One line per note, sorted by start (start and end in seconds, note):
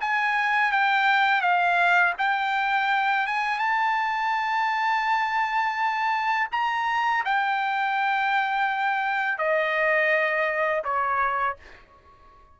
0.00 0.72 G#5
0.72 1.41 G5
1.41 2.13 F5
2.18 3.26 G5
3.26 3.58 G#5
3.58 6.48 A5
6.52 7.24 A#5
7.25 9.38 G5
9.38 10.82 D#5
10.84 11.56 C#5